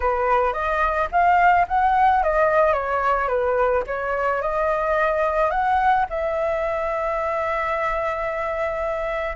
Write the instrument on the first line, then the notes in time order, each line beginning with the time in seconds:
flute
0.00 B4
0.53 D#5
1.11 F5
1.68 F#5
2.23 D#5
2.73 C#5
3.28 B4
3.86 C#5
4.41 D#5
5.50 F#5
6.09 E5